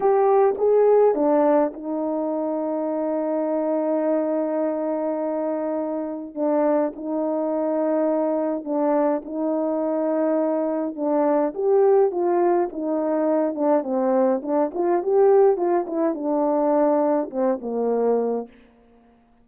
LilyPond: \new Staff \with { instrumentName = "horn" } { \time 4/4 \tempo 4 = 104 g'4 gis'4 d'4 dis'4~ | dis'1~ | dis'2. d'4 | dis'2. d'4 |
dis'2. d'4 | g'4 f'4 dis'4. d'8 | c'4 d'8 f'8 g'4 f'8 e'8 | d'2 c'8 ais4. | }